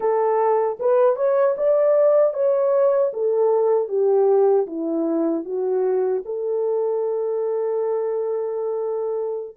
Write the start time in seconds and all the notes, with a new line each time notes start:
0.00 A4
0.79 B4
1.16 C#5
1.57 D5
2.33 C#5
3.13 A4
3.88 G4
4.66 E4
5.44 F#4
6.25 A4